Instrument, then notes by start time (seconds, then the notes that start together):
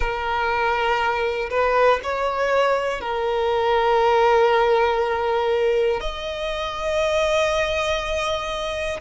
violin
0.00 A#4
1.50 B4
2.03 C#5
3.00 A#4
6.00 D#5